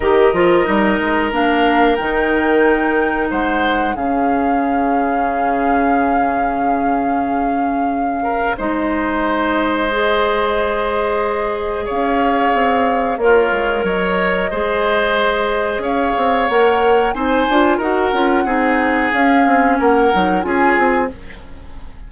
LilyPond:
<<
  \new Staff \with { instrumentName = "flute" } { \time 4/4 \tempo 4 = 91 dis''2 f''4 g''4~ | g''4 fis''4 f''2~ | f''1~ | f''4 dis''2.~ |
dis''2 f''2 | cis''4 dis''2. | f''4 fis''4 gis''4 fis''4~ | fis''4 f''4 fis''4 gis''4 | }
  \new Staff \with { instrumentName = "oboe" } { \time 4/4 ais'1~ | ais'4 c''4 gis'2~ | gis'1~ | gis'8 ais'8 c''2.~ |
c''2 cis''2 | f'4 cis''4 c''2 | cis''2 c''4 ais'4 | gis'2 ais'4 gis'4 | }
  \new Staff \with { instrumentName = "clarinet" } { \time 4/4 g'8 f'8 dis'4 d'4 dis'4~ | dis'2 cis'2~ | cis'1~ | cis'4 dis'2 gis'4~ |
gis'1 | ais'2 gis'2~ | gis'4 ais'4 dis'8 f'8 fis'8 f'8 | dis'4 cis'4. dis'8 f'4 | }
  \new Staff \with { instrumentName = "bassoon" } { \time 4/4 dis8 f8 g8 gis8 ais4 dis4~ | dis4 gis4 cis2~ | cis1~ | cis4 gis2.~ |
gis2 cis'4 c'4 | ais8 gis8 fis4 gis2 | cis'8 c'8 ais4 c'8 d'8 dis'8 cis'8 | c'4 cis'8 c'8 ais8 fis8 cis'8 c'8 | }
>>